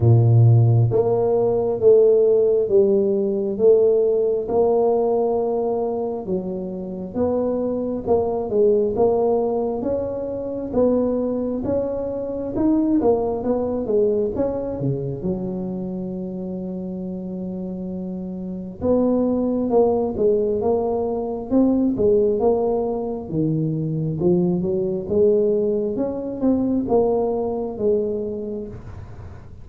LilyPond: \new Staff \with { instrumentName = "tuba" } { \time 4/4 \tempo 4 = 67 ais,4 ais4 a4 g4 | a4 ais2 fis4 | b4 ais8 gis8 ais4 cis'4 | b4 cis'4 dis'8 ais8 b8 gis8 |
cis'8 cis8 fis2.~ | fis4 b4 ais8 gis8 ais4 | c'8 gis8 ais4 dis4 f8 fis8 | gis4 cis'8 c'8 ais4 gis4 | }